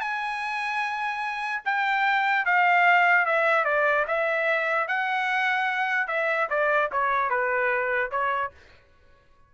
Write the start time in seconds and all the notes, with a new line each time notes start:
0.00 G#5
1.65 G5
2.45 F5
3.25 E5
3.64 D5
4.07 E5
4.88 F#5
6.07 E5
6.50 D5
6.92 C#5
7.30 B4
8.11 C#5